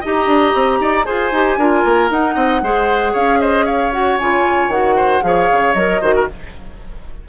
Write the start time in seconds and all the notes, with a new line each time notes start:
0.00 D#4 G4 D#5 A#5
0.26 D4
0.55 C4
0.80 D#4 D5
1.04 F4 G#4 C5 G#5
1.31 D#4 G4
1.57 D4 F4 A#4
1.85 A#3
2.10 D#4 F#5
2.34 C4 D#5
2.62 G#3 G#4 C5
3.12 C#4 C#5 F5
3.40 C5 D#5
3.65 C#5 F5
3.92 F#4 F#5
4.19 C#3 F4 G#5
4.68 D#3 F#4 F#5
4.96 C5
5.21 F3 G#4 C#5 F5
5.52 C#3
5.73 F#3 A#4 D#5
6.01 D#3 F#4 C5
6.15 A#4